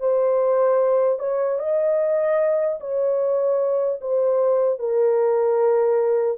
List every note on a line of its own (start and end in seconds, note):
0.00 1.19 C5
1.19 1.59 C#5
1.59 2.79 D#5
2.80 4.00 C#5
4.01 4.79 C5
4.79 6.38 A#4